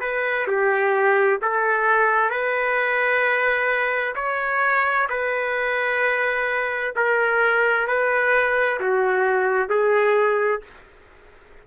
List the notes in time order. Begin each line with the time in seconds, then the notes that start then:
0.00 B4
0.47 G4
1.41 A4
2.30 B4
4.15 C#5
5.09 B4
6.96 A#4
7.87 B4
8.80 F#4
9.69 G#4